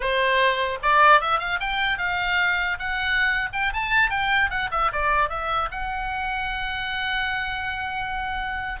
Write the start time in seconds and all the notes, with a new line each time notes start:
0.00 C5
0.82 D5
1.20 E5
1.39 F5
1.59 G5
1.97 F5
2.79 F#5
3.52 G5
3.73 A5
4.09 G5
4.49 F#5
4.71 E5
4.92 D5
5.29 E5
5.71 F#5